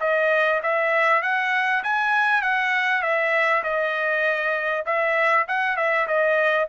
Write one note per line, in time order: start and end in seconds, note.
0.00 0.61 D#5
0.63 1.22 E5
1.22 1.83 F#5
1.83 2.42 G#5
2.42 3.02 F#5
3.02 3.63 E5
3.63 4.85 D#5
4.85 5.46 E5
5.48 5.76 F#5
5.76 6.07 E5
6.07 6.68 D#5